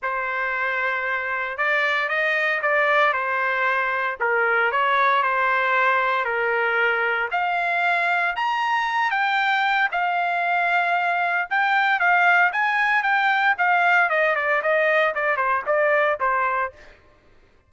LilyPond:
\new Staff \with { instrumentName = "trumpet" } { \time 4/4 \tempo 4 = 115 c''2. d''4 | dis''4 d''4 c''2 | ais'4 cis''4 c''2 | ais'2 f''2 |
ais''4. g''4. f''4~ | f''2 g''4 f''4 | gis''4 g''4 f''4 dis''8 d''8 | dis''4 d''8 c''8 d''4 c''4 | }